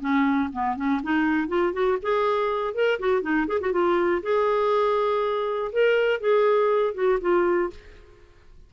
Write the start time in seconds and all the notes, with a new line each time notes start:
0.00 C#4
0.53 B3
0.76 C#4
1.03 D#4
1.48 F4
1.73 F#4
2.02 G#4
2.74 A#4
2.99 F#4
3.22 D#4
3.48 G#4
3.61 F#4
3.72 F4
4.23 G#4
5.72 A#4
6.20 G#4
6.94 F#4
7.21 F4